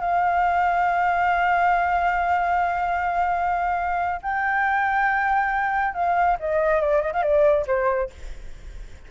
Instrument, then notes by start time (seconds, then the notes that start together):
flute
0.00 F5
4.22 G5
5.94 F5
6.39 D#5
6.81 D5
7.01 D#5
7.13 F5
7.22 D5
7.67 C5